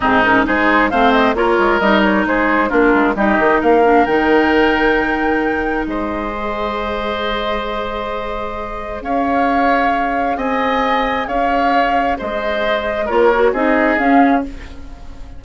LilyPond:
<<
  \new Staff \with { instrumentName = "flute" } { \time 4/4 \tempo 4 = 133 gis'8 ais'8 c''4 f''8 dis''8 cis''4 | dis''8 cis''8 c''4 ais'4 dis''4 | f''4 g''2.~ | g''4 dis''2.~ |
dis''1 | f''2. gis''4~ | gis''4 f''2 dis''4~ | dis''4 cis''4 dis''4 f''4 | }
  \new Staff \with { instrumentName = "oboe" } { \time 4/4 dis'4 gis'4 c''4 ais'4~ | ais'4 gis'4 f'4 g'4 | ais'1~ | ais'4 c''2.~ |
c''1 | cis''2. dis''4~ | dis''4 cis''2 c''4~ | c''4 ais'4 gis'2 | }
  \new Staff \with { instrumentName = "clarinet" } { \time 4/4 c'8 cis'8 dis'4 c'4 f'4 | dis'2 d'4 dis'4~ | dis'8 d'8 dis'2.~ | dis'2 gis'2~ |
gis'1~ | gis'1~ | gis'1~ | gis'4 f'8 fis'8 dis'4 cis'4 | }
  \new Staff \with { instrumentName = "bassoon" } { \time 4/4 gis,4 gis4 a4 ais8 gis8 | g4 gis4 ais8 gis8 g8 dis8 | ais4 dis2.~ | dis4 gis2.~ |
gis1 | cis'2. c'4~ | c'4 cis'2 gis4~ | gis4 ais4 c'4 cis'4 | }
>>